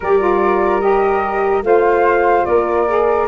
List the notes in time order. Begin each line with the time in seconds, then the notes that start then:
0.00 G3 G4 A#4 D5
0.19 F4
0.80 G4 D#5
1.62 A3 F4 C5 F5
2.45 A#3 A#4 D5
2.87 G#4